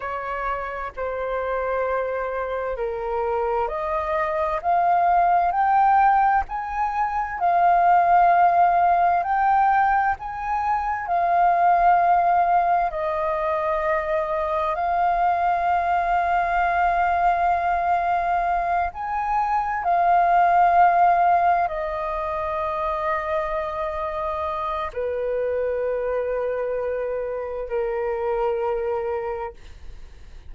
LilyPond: \new Staff \with { instrumentName = "flute" } { \time 4/4 \tempo 4 = 65 cis''4 c''2 ais'4 | dis''4 f''4 g''4 gis''4 | f''2 g''4 gis''4 | f''2 dis''2 |
f''1~ | f''8 gis''4 f''2 dis''8~ | dis''2. b'4~ | b'2 ais'2 | }